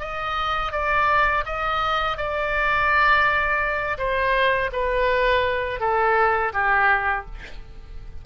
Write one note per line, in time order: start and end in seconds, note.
0.00 0.72 D#5
0.72 1.44 D5
1.46 2.17 D#5
2.17 3.98 D5
3.98 4.70 C5
4.73 5.80 B4
5.80 6.52 A4
6.53 7.25 G4